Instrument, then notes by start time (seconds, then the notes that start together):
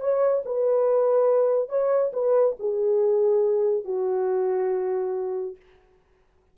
horn
0.00 C#5
0.45 B4
1.69 C#5
2.13 B4
2.59 G#4
3.85 F#4